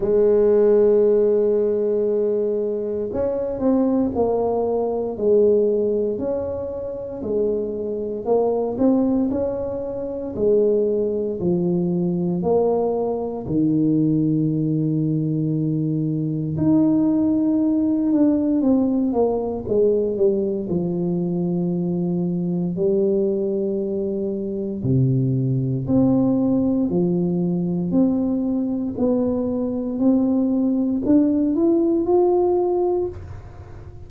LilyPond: \new Staff \with { instrumentName = "tuba" } { \time 4/4 \tempo 4 = 58 gis2. cis'8 c'8 | ais4 gis4 cis'4 gis4 | ais8 c'8 cis'4 gis4 f4 | ais4 dis2. |
dis'4. d'8 c'8 ais8 gis8 g8 | f2 g2 | c4 c'4 f4 c'4 | b4 c'4 d'8 e'8 f'4 | }